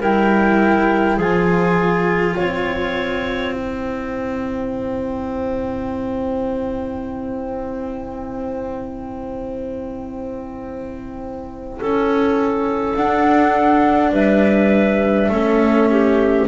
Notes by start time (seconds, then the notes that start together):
0.00 G3 E4 A#4 G5
1.16 F3 F4 G#4 G#5
2.34 C4 C#5 G5
3.53 E4 C5
11.79 C#4 A4
12.95 D4 F#5
14.12 G3 B4 E5
15.29 A3 C#4 A4
15.90 G4